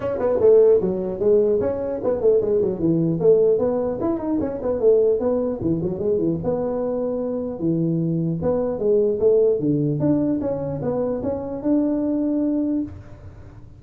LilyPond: \new Staff \with { instrumentName = "tuba" } { \time 4/4 \tempo 4 = 150 cis'8 b8 a4 fis4 gis4 | cis'4 b8 a8 gis8 fis8 e4 | a4 b4 e'8 dis'8 cis'8 b8 | a4 b4 e8 fis8 gis8 e8 |
b2. e4~ | e4 b4 gis4 a4 | d4 d'4 cis'4 b4 | cis'4 d'2. | }